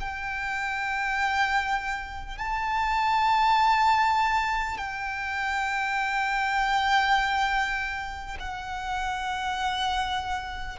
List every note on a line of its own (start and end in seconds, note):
0.00 2.38 G5
2.38 4.77 A5
4.77 8.37 G5
8.39 10.78 F#5